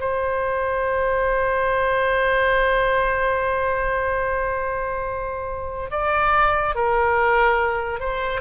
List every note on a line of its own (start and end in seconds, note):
0.00 5.90 C5
5.90 6.75 D5
6.75 8.00 A#4
8.00 8.41 C5